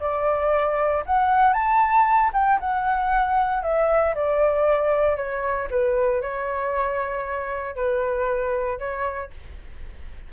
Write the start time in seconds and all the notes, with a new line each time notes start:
0.00 D5
1.06 F#5
1.53 A5
2.33 G5
2.60 F#5
3.63 E5
4.15 D5
5.16 C#5
5.70 B4
6.21 C#5
7.75 B4
8.79 C#5